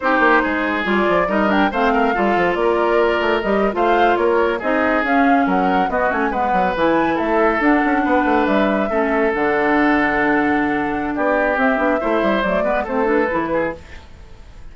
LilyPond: <<
  \new Staff \with { instrumentName = "flute" } { \time 4/4 \tempo 4 = 140 c''2 d''4 dis''8 g''8 | f''2 d''2 | dis''8. f''4 cis''4 dis''4 f''16~ | f''8. fis''4 dis''8 gis''8 fis''4 gis''16~ |
gis''8. e''4 fis''2 e''16~ | e''4.~ e''16 fis''2~ fis''16~ | fis''2 d''4 e''4~ | e''4 d''4 c''8 b'4. | }
  \new Staff \with { instrumentName = "oboe" } { \time 4/4 g'4 gis'2 ais'4 | c''8 ais'8 a'4 ais'2~ | ais'8. c''4 ais'4 gis'4~ gis'16~ | gis'8. ais'4 fis'4 b'4~ b'16~ |
b'8. a'2 b'4~ b'16~ | b'8. a'2.~ a'16~ | a'2 g'2 | c''4. b'8 a'4. gis'8 | }
  \new Staff \with { instrumentName = "clarinet" } { \time 4/4 dis'2 f'4 dis'8 d'8 | c'4 f'2. | g'8. f'2 dis'4 cis'16~ | cis'4.~ cis'16 b8 cis'8 b4 e'16~ |
e'4.~ e'16 d'2~ d'16~ | d'8. cis'4 d'2~ d'16~ | d'2. c'8 d'8 | e'4 a8 b8 c'8 d'8 e'4 | }
  \new Staff \with { instrumentName = "bassoon" } { \time 4/4 c'8 ais8 gis4 g8 f8 g4 | a4 g8 f8 ais4. a8 | g8. a4 ais4 c'4 cis'16~ | cis'8. fis4 b8 a8 gis8 fis8 e16~ |
e8. a4 d'8 cis'8 b8 a8 g16~ | g8. a4 d2~ d16~ | d2 b4 c'8 b8 | a8 g8 fis8 gis8 a4 e4 | }
>>